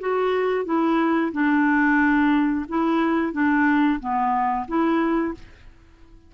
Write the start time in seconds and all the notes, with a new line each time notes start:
0.00 F#4
0.65 E4
1.33 D4
2.69 E4
3.33 D4
4.00 B3
4.68 E4